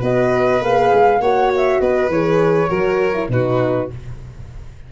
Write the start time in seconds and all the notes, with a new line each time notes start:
0.00 B3 F#4 B4 D#5
0.61 A#3 G#4 F5
0.93 G#3
1.19 A#3 F#4 C#5 F#5
1.56 E5
1.80 B3 B4 D#5
2.08 E3 G#4 C#5
2.68 F#3 F#4 A#4
3.13 E4
3.28 B2 D#4 F#4 B4